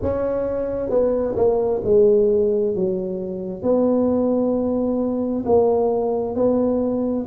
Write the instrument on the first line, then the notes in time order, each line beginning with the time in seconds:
tuba
0.02 C#4
0.89 B3
1.36 A#3
1.84 G#3
2.75 F#3
3.62 B3
5.45 A#3
6.35 B3